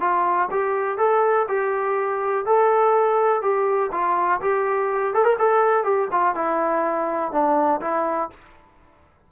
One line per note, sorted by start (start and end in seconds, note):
0.00 0.49 F4
0.51 0.97 G4
0.97 1.46 A4
1.48 2.45 G4
2.45 3.41 A4
3.41 3.90 G4
3.92 4.41 F4
4.41 5.14 G4
5.14 5.24 A4
5.24 5.36 A#4
5.38 5.84 A4
5.84 6.08 G4
6.11 6.35 F4
6.35 7.32 E4
7.32 7.80 D4
7.81 8.30 E4